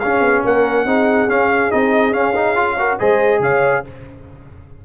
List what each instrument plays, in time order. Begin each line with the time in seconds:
0.00 trombone C#4, tuba C#4, horn G#4, trumpet F5
0.20 tuba B3
0.45 tuba A#3, horn A#4, trumpet F#5
0.85 tuba C4, trombone D#4, horn G#4
1.29 trombone C#4, tuba C#4, trumpet F5
1.71 tuba C4, trombone D#4, trumpet D#5
2.12 trombone C#4, tuba C#4, trumpet F5
2.35 trombone D#4
2.56 trombone F4
2.79 trombone F#4, horn A#4
2.99 tuba G#3, trombone G#4, horn C5, trumpet D#5
3.40 tuba C#3, horn C#5, trumpet F5